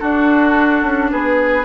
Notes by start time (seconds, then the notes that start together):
0.00 D4 F#4 A4
0.83 C#4
1.11 B3 G#4 B4